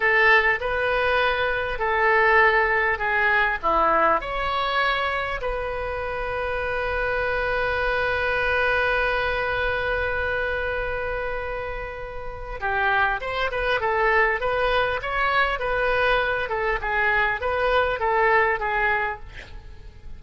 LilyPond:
\new Staff \with { instrumentName = "oboe" } { \time 4/4 \tempo 4 = 100 a'4 b'2 a'4~ | a'4 gis'4 e'4 cis''4~ | cis''4 b'2.~ | b'1~ |
b'1~ | b'4 g'4 c''8 b'8 a'4 | b'4 cis''4 b'4. a'8 | gis'4 b'4 a'4 gis'4 | }